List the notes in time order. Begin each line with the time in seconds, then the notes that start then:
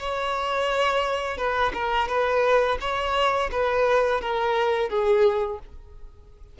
0.00 C#5
1.38 B4
1.74 A#4
2.09 B4
2.81 C#5
3.52 B4
4.21 A#4
4.90 G#4